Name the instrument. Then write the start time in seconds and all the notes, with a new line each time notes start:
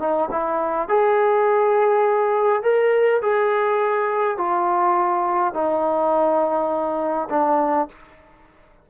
trombone
0.00 D#4
0.31 E4
0.88 G#4
2.63 A#4
3.22 G#4
4.37 F4
5.54 D#4
7.30 D4